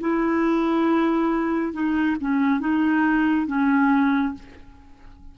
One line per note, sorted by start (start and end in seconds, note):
0.00 1.73 E4
1.73 2.16 D#4
2.20 2.60 C#4
2.60 3.47 D#4
3.47 4.34 C#4